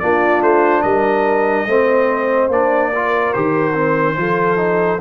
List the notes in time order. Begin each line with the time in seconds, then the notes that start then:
0.00 A#3 D4 F4 D5
0.42 A3 C5
0.83 G3 A#4 D#5
1.67 A3 C4 C5
2.49 A#3 D4 D5
2.93 F4 A#4
3.34 D#3 G4 C5
3.74 C4
4.17 F3 F4 A4
4.57 D#4